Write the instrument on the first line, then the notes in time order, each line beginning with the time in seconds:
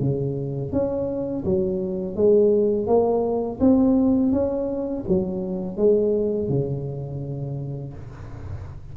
tuba
0.00 C#3
0.72 C#4
1.45 F#3
2.16 G#3
2.87 A#3
3.60 C4
4.32 C#4
5.08 F#3
5.77 G#3
6.49 C#3